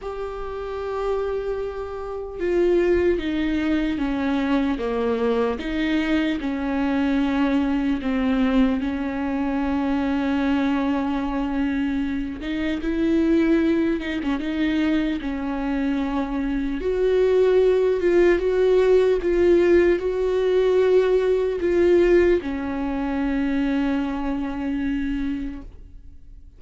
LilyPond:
\new Staff \with { instrumentName = "viola" } { \time 4/4 \tempo 4 = 75 g'2. f'4 | dis'4 cis'4 ais4 dis'4 | cis'2 c'4 cis'4~ | cis'2.~ cis'8 dis'8 |
e'4. dis'16 cis'16 dis'4 cis'4~ | cis'4 fis'4. f'8 fis'4 | f'4 fis'2 f'4 | cis'1 | }